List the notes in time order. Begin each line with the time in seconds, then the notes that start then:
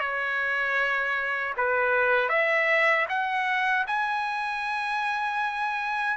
0.00 C#5
1.57 B4
2.29 E5
3.09 F#5
3.87 G#5